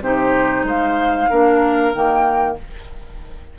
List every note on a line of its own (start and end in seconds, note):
0.00 0.63 C3
0.00 1.29 D#4
0.00 0.66 G4
0.00 0.66 C5
0.63 1.27 G#3
0.63 1.29 C5
0.63 1.93 F5
1.29 1.94 A#3
1.29 1.93 D4
1.29 2.57 A#4
1.93 2.58 D#3
1.93 2.57 A#3
1.93 2.57 G5